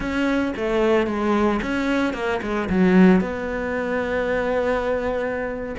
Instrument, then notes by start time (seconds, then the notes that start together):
cello
0.00 C#4
0.56 A3
1.06 G#3
1.62 C#4
2.13 A#3
2.42 G#3
2.69 F#3
3.20 B3